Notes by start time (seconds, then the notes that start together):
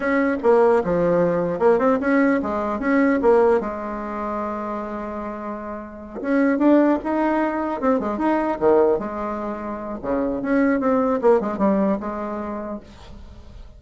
0.00 C#4
0.42 A#3
0.84 F3
1.59 A#3
1.79 C4
2.00 C#4
2.42 G#3
2.79 C#4
3.21 A#3
3.60 G#3
6.21 C#4
6.58 D4
7.03 D#4
7.81 C4
7.99 G#3
8.17 D#4
8.59 D#3
8.99 G#3
10.02 C#3
10.42 C#4
10.79 C4
11.21 A#3
11.40 G#3
11.57 G3
12.00 G#3